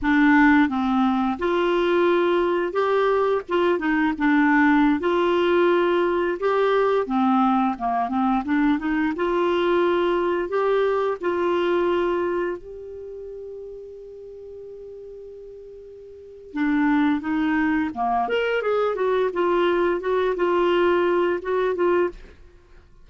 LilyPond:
\new Staff \with { instrumentName = "clarinet" } { \time 4/4 \tempo 4 = 87 d'4 c'4 f'2 | g'4 f'8 dis'8 d'4~ d'16 f'8.~ | f'4~ f'16 g'4 c'4 ais8 c'16~ | c'16 d'8 dis'8 f'2 g'8.~ |
g'16 f'2 g'4.~ g'16~ | g'1 | d'4 dis'4 ais8 ais'8 gis'8 fis'8 | f'4 fis'8 f'4. fis'8 f'8 | }